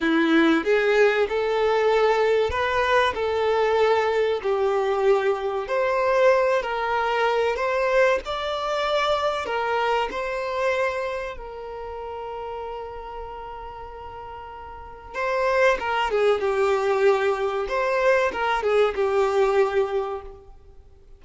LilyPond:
\new Staff \with { instrumentName = "violin" } { \time 4/4 \tempo 4 = 95 e'4 gis'4 a'2 | b'4 a'2 g'4~ | g'4 c''4. ais'4. | c''4 d''2 ais'4 |
c''2 ais'2~ | ais'1 | c''4 ais'8 gis'8 g'2 | c''4 ais'8 gis'8 g'2 | }